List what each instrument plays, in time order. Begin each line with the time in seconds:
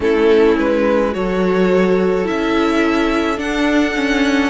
0.00 cello A3, viola C#4, violin E4 A4
0.58 cello G#3, violin B4
1.12 cello F#3, viola F#4, violin A4 C#5
2.24 cello C#4, viola E4, violin E5
3.37 viola D4, cello D4, violin F#5
3.95 viola C#4